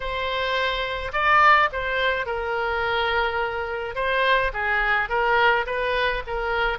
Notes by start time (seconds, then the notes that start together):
0.00 C5
1.12 D5
1.72 C5
2.26 A#4
3.95 C5
4.53 G#4
5.09 A#4
5.66 B4
6.27 A#4